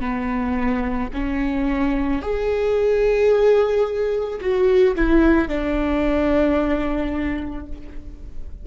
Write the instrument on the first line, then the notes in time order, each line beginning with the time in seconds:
viola
0.00 B3
1.14 C#4
2.22 G#4
4.40 F#4
4.95 E4
5.48 D4